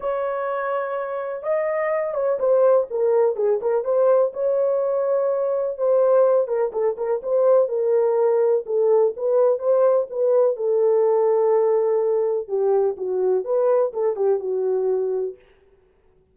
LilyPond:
\new Staff \with { instrumentName = "horn" } { \time 4/4 \tempo 4 = 125 cis''2. dis''4~ | dis''8 cis''8 c''4 ais'4 gis'8 ais'8 | c''4 cis''2. | c''4. ais'8 a'8 ais'8 c''4 |
ais'2 a'4 b'4 | c''4 b'4 a'2~ | a'2 g'4 fis'4 | b'4 a'8 g'8 fis'2 | }